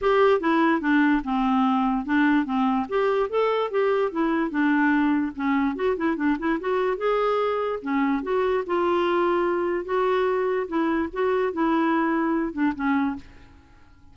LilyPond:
\new Staff \with { instrumentName = "clarinet" } { \time 4/4 \tempo 4 = 146 g'4 e'4 d'4 c'4~ | c'4 d'4 c'4 g'4 | a'4 g'4 e'4 d'4~ | d'4 cis'4 fis'8 e'8 d'8 e'8 |
fis'4 gis'2 cis'4 | fis'4 f'2. | fis'2 e'4 fis'4 | e'2~ e'8 d'8 cis'4 | }